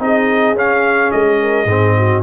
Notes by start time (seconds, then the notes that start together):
0.00 C4 D#4 G#4 D#5
0.54 C#4 F5
1.12 G#3 D#5
1.42 A#4
1.65 G#2 C4 G#4
1.97 F#4